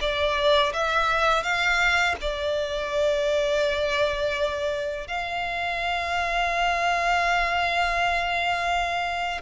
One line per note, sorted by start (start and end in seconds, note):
0.00 0.72 D5
0.73 1.43 E5
1.43 2.15 F5
2.20 5.07 D5
5.07 9.41 F5